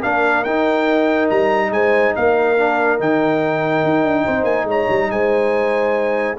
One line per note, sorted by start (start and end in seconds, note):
0.00 0.45 A#3
0.00 0.45 D4
0.00 1.69 A#4
0.00 0.44 F5
0.44 1.29 D#4
0.44 2.57 D#4
0.44 1.28 G5
1.30 1.70 G3
1.30 1.72 A#5
1.70 2.13 G#3
1.70 2.16 C5
1.70 2.15 G#5
2.16 3.00 A#3
2.16 4.24 A#4
2.16 3.00 F5
2.58 2.99 D4
2.99 3.84 D#3
2.99 6.37 D#4
2.99 4.44 G5
3.84 4.03 D#4
4.03 4.24 D4
4.24 4.44 C4
4.24 4.67 C5
4.44 4.64 A#3
4.44 4.65 G#5
4.64 4.85 G#3
4.64 5.10 C#5
4.70 5.11 A#5
4.89 5.10 G3
5.10 6.37 G#3
5.10 6.38 C5
5.10 6.37 G#5